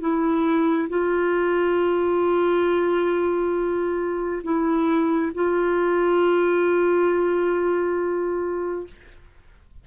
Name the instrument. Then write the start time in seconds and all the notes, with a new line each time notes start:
clarinet
0.00 E4
0.89 F4
4.43 E4
5.34 F4